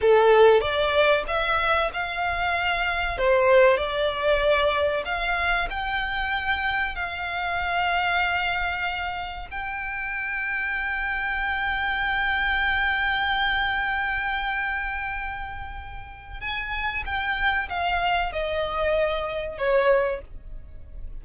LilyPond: \new Staff \with { instrumentName = "violin" } { \time 4/4 \tempo 4 = 95 a'4 d''4 e''4 f''4~ | f''4 c''4 d''2 | f''4 g''2 f''4~ | f''2. g''4~ |
g''1~ | g''1~ | g''2 gis''4 g''4 | f''4 dis''2 cis''4 | }